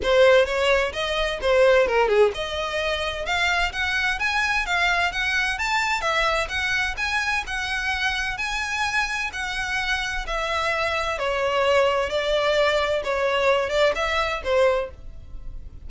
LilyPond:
\new Staff \with { instrumentName = "violin" } { \time 4/4 \tempo 4 = 129 c''4 cis''4 dis''4 c''4 | ais'8 gis'8 dis''2 f''4 | fis''4 gis''4 f''4 fis''4 | a''4 e''4 fis''4 gis''4 |
fis''2 gis''2 | fis''2 e''2 | cis''2 d''2 | cis''4. d''8 e''4 c''4 | }